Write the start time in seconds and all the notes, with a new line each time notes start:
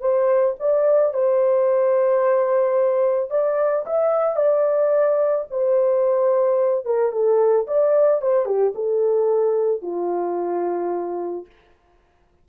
0.00 C5
0.59 D5
1.13 C5
3.30 D5
3.86 E5
4.36 D5
5.50 C5
6.85 A#4
7.11 A4
7.67 D5
8.21 C5
8.45 G4
8.74 A4
9.82 F4